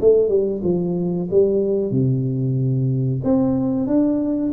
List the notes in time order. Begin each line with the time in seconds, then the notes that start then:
0.00 A3
0.28 G3
0.63 F3
1.30 G3
1.91 C3
3.23 C4
3.87 D4